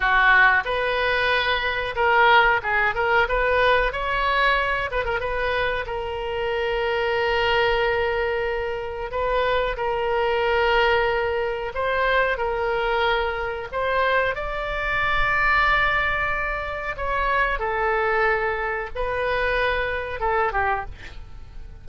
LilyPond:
\new Staff \with { instrumentName = "oboe" } { \time 4/4 \tempo 4 = 92 fis'4 b'2 ais'4 | gis'8 ais'8 b'4 cis''4. b'16 ais'16 | b'4 ais'2.~ | ais'2 b'4 ais'4~ |
ais'2 c''4 ais'4~ | ais'4 c''4 d''2~ | d''2 cis''4 a'4~ | a'4 b'2 a'8 g'8 | }